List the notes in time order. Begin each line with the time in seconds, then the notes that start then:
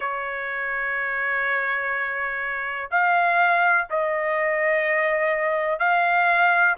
0.00 C#5
2.90 F5
3.89 D#5
5.79 F5